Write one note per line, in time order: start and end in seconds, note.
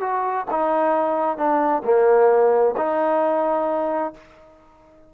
0.00 0.45 F#4
0.50 1.37 D#4
1.37 1.83 D4
1.84 2.75 A#3
2.77 4.13 D#4